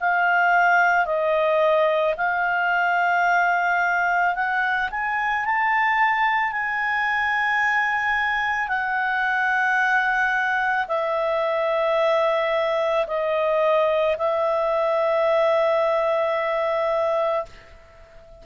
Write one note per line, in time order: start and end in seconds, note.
0.00 1.05 F5
1.05 2.14 D#5
2.17 4.34 F5
4.34 4.89 F#5
4.90 5.45 G#5
5.45 6.52 A5
6.52 8.68 G#5
8.68 10.86 F#5
10.87 13.06 E5
13.07 14.16 D#5
14.18 17.45 E5